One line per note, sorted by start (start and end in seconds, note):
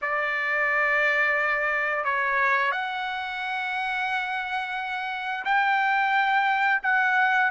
0.01 2.04 D5
2.04 2.71 C#5
2.71 5.44 F#5
5.45 6.81 G5
6.82 7.50 F#5